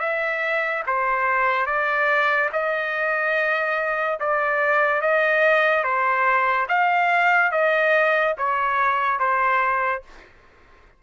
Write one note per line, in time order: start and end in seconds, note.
0.00 0.83 E5
0.87 1.66 C5
1.66 2.50 D5
2.53 4.20 D#5
4.20 5.02 D5
5.02 5.84 D#5
5.84 6.67 C5
6.69 7.52 F5
7.52 8.35 D#5
8.38 9.19 C#5
9.19 10.03 C5